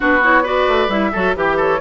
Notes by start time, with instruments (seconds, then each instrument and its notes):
0.00 bassoon B3, clarinet D4, oboe F#4, flute B4
0.22 clarinet E4, flute C#5
0.43 clarinet F#4, oboe B4, flute D5
0.67 bassoon A3
0.88 bassoon G3, clarinet E4, flute E5
1.12 bassoon F#3, clarinet F#4, oboe A4
1.34 bassoon E3, clarinet G4, oboe G4, flute B4
1.56 oboe A4, flute C#5